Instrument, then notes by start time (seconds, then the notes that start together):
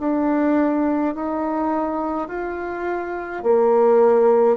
bassoon
0.00 D4
1.15 D#4
2.29 F4
3.44 A#3